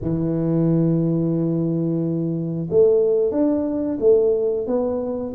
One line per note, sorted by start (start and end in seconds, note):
0.02 2.68 E3
2.69 3.31 A3
3.31 3.98 D4
4.00 4.66 A3
4.66 5.33 B3